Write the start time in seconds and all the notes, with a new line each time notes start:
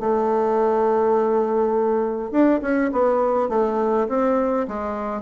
0.00 A3
2.31 D4
2.62 C#4
2.92 B3
3.49 A3
4.09 C4
4.68 G#3